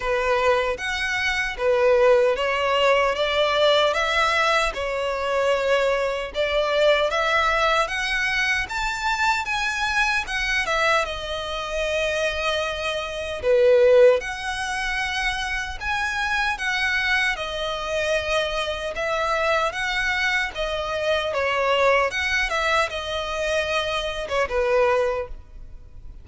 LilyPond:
\new Staff \with { instrumentName = "violin" } { \time 4/4 \tempo 4 = 76 b'4 fis''4 b'4 cis''4 | d''4 e''4 cis''2 | d''4 e''4 fis''4 a''4 | gis''4 fis''8 e''8 dis''2~ |
dis''4 b'4 fis''2 | gis''4 fis''4 dis''2 | e''4 fis''4 dis''4 cis''4 | fis''8 e''8 dis''4.~ dis''16 cis''16 b'4 | }